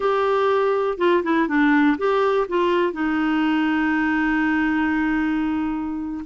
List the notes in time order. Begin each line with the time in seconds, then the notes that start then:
0.00 G4
0.98 F4
1.23 E4
1.48 D4
1.98 G4
2.48 F4
2.92 D#4